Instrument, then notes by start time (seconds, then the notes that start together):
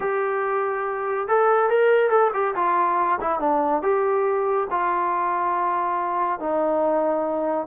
trombone
0.00 G4
1.28 A4
1.69 A#4
2.09 A4
2.33 G4
2.55 F4
3.20 E4
3.39 D4
3.82 G4
4.70 F4
6.39 D#4